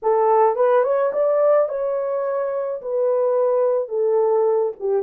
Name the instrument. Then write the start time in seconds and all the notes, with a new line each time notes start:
horn
0.02 A4
0.55 B4
0.83 C#5
1.12 D5
1.68 C#5
2.81 B4
3.88 A4
4.79 G4